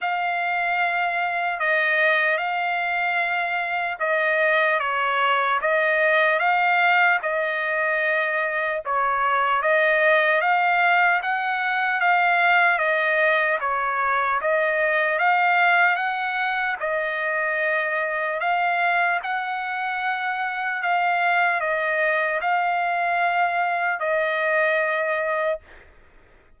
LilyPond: \new Staff \with { instrumentName = "trumpet" } { \time 4/4 \tempo 4 = 75 f''2 dis''4 f''4~ | f''4 dis''4 cis''4 dis''4 | f''4 dis''2 cis''4 | dis''4 f''4 fis''4 f''4 |
dis''4 cis''4 dis''4 f''4 | fis''4 dis''2 f''4 | fis''2 f''4 dis''4 | f''2 dis''2 | }